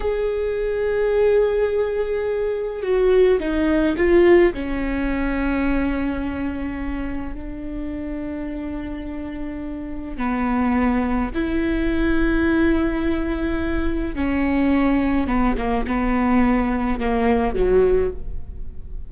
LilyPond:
\new Staff \with { instrumentName = "viola" } { \time 4/4 \tempo 4 = 106 gis'1~ | gis'4 fis'4 dis'4 f'4 | cis'1~ | cis'4 d'2.~ |
d'2 b2 | e'1~ | e'4 cis'2 b8 ais8 | b2 ais4 fis4 | }